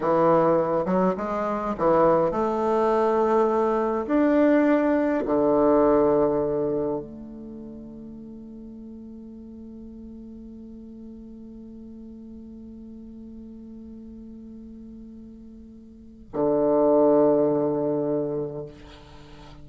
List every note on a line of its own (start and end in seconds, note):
0.00 0.85 E3
0.85 1.14 F#3
1.17 1.75 G#3
1.78 2.31 E3
2.31 4.06 A3
4.06 5.23 D4
5.25 7.00 D3
7.00 16.32 A3
16.33 18.66 D3